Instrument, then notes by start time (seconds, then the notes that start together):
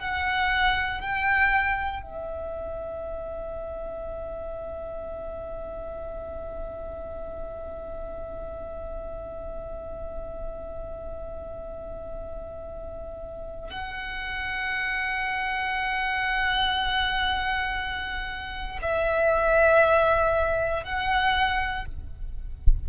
violin
0.00 F#5
1.01 G5
2.03 E5
13.70 F#5
18.82 E5
20.84 F#5